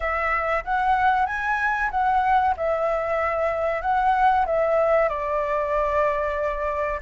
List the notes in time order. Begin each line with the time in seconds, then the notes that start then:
0.00 E5
0.64 F#5
1.26 G#5
1.91 F#5
2.56 E5
3.82 F#5
4.45 E5
5.08 D5